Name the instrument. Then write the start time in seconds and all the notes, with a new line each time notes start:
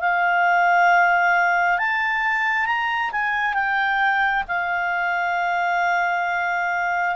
clarinet
0.00 F5
1.78 A5
2.66 A#5
3.12 G#5
3.54 G5
4.48 F5